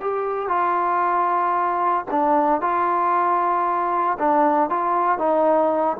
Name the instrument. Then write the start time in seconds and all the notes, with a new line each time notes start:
trombone
0.00 G4
0.48 F4
2.10 D4
2.61 F4
4.19 D4
4.69 F4
5.18 D#4